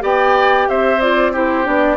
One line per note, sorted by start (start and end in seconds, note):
0.00 0.67 B3
0.00 0.98 G4
0.00 0.67 D5
0.00 0.69 G5
0.69 1.67 C4
0.69 1.32 C5
0.69 1.00 E5
1.00 1.32 F4
1.00 1.33 D5
1.32 1.63 E4
1.32 1.97 G4
1.32 1.66 C5
1.63 1.97 B3
1.63 1.96 D4
1.63 1.97 D5